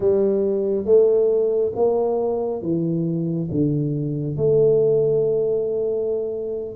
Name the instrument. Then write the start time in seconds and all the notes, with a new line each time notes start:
tuba
0.00 G3
0.85 A3
1.75 A#3
2.62 E3
3.51 D3
4.36 A3